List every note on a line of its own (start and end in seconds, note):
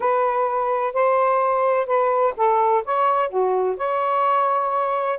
0.00 0.93 B4
0.93 1.86 C5
1.86 2.33 B4
2.36 2.83 A4
2.85 3.29 C#5
3.29 3.76 F#4
3.77 5.19 C#5